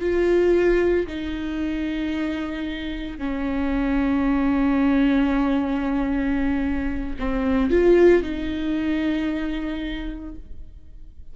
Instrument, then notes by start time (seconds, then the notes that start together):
viola
0.00 F4
1.07 D#4
3.18 C#4
7.19 C4
7.70 F4
8.23 D#4